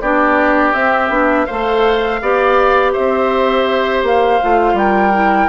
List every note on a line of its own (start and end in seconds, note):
0.00 0.73 B3
0.00 0.73 D4
0.00 1.46 G4
0.00 0.73 D5
0.73 1.10 C4
0.73 1.09 C4
0.73 1.45 E5
1.09 1.45 B3
1.09 1.46 D4
1.45 2.21 A3
1.45 2.22 A4
1.45 2.19 C5
1.45 2.91 F5
2.21 2.94 B3
2.21 4.41 G4
2.21 2.92 D5
2.92 4.02 C4
2.92 4.75 C5
2.92 4.03 E5
4.02 4.39 A#3
4.02 4.78 F5
4.41 4.73 A3
4.41 5.12 F4
4.73 5.46 G3
4.73 5.48 A#4
4.73 5.48 G5
5.12 5.48 E4